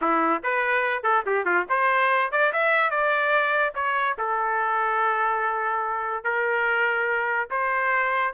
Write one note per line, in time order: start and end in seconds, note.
0.01 0.42 E4
0.43 1.03 B4
1.03 1.24 A4
1.25 1.45 G4
1.45 1.66 F4
1.69 2.31 C5
2.31 2.52 D5
2.52 2.90 E5
2.90 3.73 D5
3.75 4.16 C#5
4.18 6.23 A4
6.23 7.48 A#4
7.50 8.33 C5